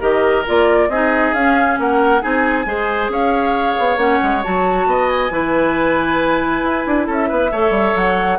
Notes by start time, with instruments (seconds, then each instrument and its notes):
0.00 bassoon D#3, clarinet G4, oboe A#4, flute D#5
0.46 bassoon A#3, clarinet F4, flute D5
0.88 bassoon C4, clarinet D#4, oboe G#4, flute D#5
1.33 bassoon C#4, clarinet C#4, flute F5
1.78 bassoon A#3, oboe A#4, flute F#5
2.20 bassoon C4, clarinet D#4, oboe G#4, flute G#5
2.66 bassoon G#3, clarinet G#4, oboe C5
3.08 bassoon C#4, oboe C#5, flute F5
3.78 bassoon B3
3.96 bassoon A#3, clarinet C#4, flute F#5
4.22 bassoon G#3
4.43 bassoon F#3, clarinet F#4, flute A5
4.86 bassoon B3, oboe D#5
5.09 flute G#5
5.30 bassoon E3, clarinet E4, oboe B4
6.62 bassoon E4
6.86 bassoon D4
7.06 bassoon C#4, oboe A4, flute E5
7.28 bassoon B3, oboe B4
7.51 bassoon A3, clarinet A4, oboe C#5
7.70 bassoon G3
7.95 bassoon F#3, flute F#5